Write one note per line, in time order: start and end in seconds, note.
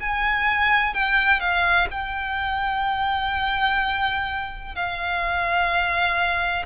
0.00 0.94 G#5
0.94 1.40 G5
1.40 1.87 F5
1.90 4.75 G5
4.75 6.65 F5